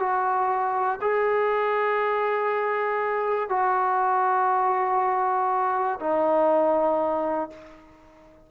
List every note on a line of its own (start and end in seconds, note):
0.00 1.00 F#4
1.02 3.50 G#4
3.50 6.00 F#4
6.01 7.51 D#4